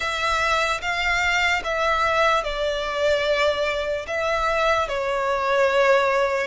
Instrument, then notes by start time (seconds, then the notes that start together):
violin
0.00 E5
0.81 F5
1.64 E5
2.43 D5
4.07 E5
4.88 C#5